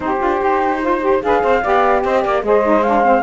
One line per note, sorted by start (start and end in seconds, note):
0.00 0.20 C4
0.00 0.18 D#4
0.00 0.83 G4
0.00 1.19 C5
0.19 0.41 D4
0.19 0.39 F4
0.40 1.22 D#4
0.40 0.80 G4
0.81 1.01 F4
0.81 1.23 C5
1.01 1.21 G4
1.22 1.43 D4
1.22 1.62 G#4
1.22 1.42 B4
1.22 2.03 F5
1.42 1.64 C4
1.42 1.62 C5
1.62 2.04 B3
1.62 2.43 G4
1.62 2.02 D5
2.03 2.24 C4
2.03 2.24 C5
2.03 2.22 D#5
2.22 2.42 A#3
2.22 2.43 D5
2.22 2.44 D5
2.42 3.22 G#3
2.42 2.63 G#4
2.42 3.22 C5
2.42 2.82 D#5
2.63 2.83 D#4
2.82 3.03 D4
2.82 3.22 F5
3.03 3.22 C4